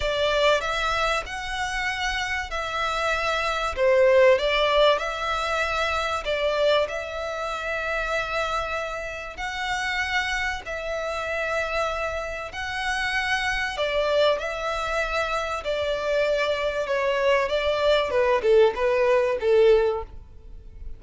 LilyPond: \new Staff \with { instrumentName = "violin" } { \time 4/4 \tempo 4 = 96 d''4 e''4 fis''2 | e''2 c''4 d''4 | e''2 d''4 e''4~ | e''2. fis''4~ |
fis''4 e''2. | fis''2 d''4 e''4~ | e''4 d''2 cis''4 | d''4 b'8 a'8 b'4 a'4 | }